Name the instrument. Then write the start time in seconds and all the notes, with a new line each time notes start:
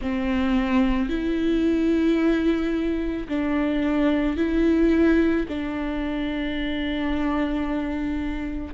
viola
0.01 C4
1.09 E4
3.28 D4
4.36 E4
5.48 D4